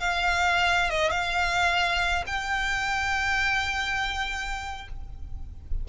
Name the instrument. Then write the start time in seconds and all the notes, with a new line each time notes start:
violin
0.00 F5
0.90 D#5
1.11 F5
2.27 G5